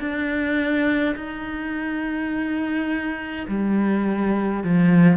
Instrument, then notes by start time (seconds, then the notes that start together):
cello
0.00 D4
1.16 D#4
3.48 G3
4.64 F3